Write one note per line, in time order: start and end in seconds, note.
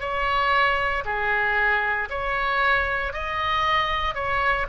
0.00 1.03 C#5
1.05 2.08 G#4
2.09 3.13 C#5
3.13 4.14 D#5
4.14 4.66 C#5